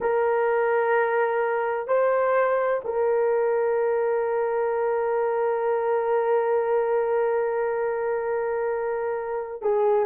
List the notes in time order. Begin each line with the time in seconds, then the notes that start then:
0.00 A#4
1.87 C5
2.84 A#4
9.62 G#4